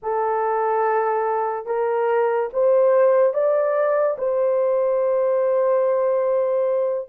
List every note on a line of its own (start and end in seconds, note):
0.02 1.66 A4
1.66 2.49 A#4
2.53 3.33 C5
3.33 4.17 D5
4.18 7.08 C5